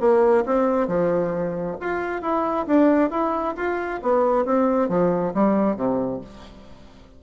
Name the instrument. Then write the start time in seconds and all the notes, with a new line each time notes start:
bassoon
0.00 A#3
0.46 C4
0.87 F3
1.80 F4
2.22 E4
2.66 D4
3.10 E4
3.56 F4
4.02 B3
4.45 C4
4.89 F3
5.34 G3
5.76 C3